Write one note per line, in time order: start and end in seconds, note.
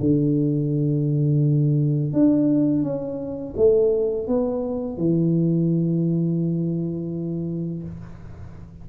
0.00 2.13 D3
2.13 2.82 D4
2.82 3.54 C#4
3.56 4.27 A3
4.27 4.97 B3
4.97 7.83 E3